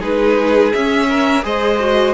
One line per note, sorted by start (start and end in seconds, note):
0.00 0.73 G#3
0.00 0.72 D#4
0.00 1.07 G#4
0.00 0.73 B4
0.73 1.43 C#4
0.73 1.44 C#4
0.73 1.44 E5
1.09 1.45 A#4
1.43 2.14 G#3
1.43 1.78 G#4
1.43 2.14 C5
1.43 2.14 D#5
1.80 2.14 F#4